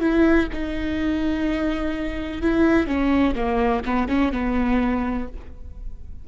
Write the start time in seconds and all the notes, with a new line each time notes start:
0.00 E4
0.52 D#4
2.42 E4
2.87 C#4
3.35 A#3
3.85 B3
4.08 C#4
4.32 B3